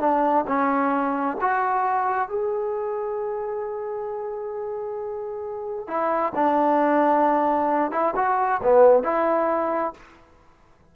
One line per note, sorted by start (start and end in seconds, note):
0.00 0.45 D4
0.47 1.37 C#4
1.41 2.29 F#4
2.29 5.87 G#4
5.87 6.33 E4
6.35 7.92 D4
7.92 8.14 E4
8.16 8.61 F#4
8.63 9.03 B3
9.03 9.94 E4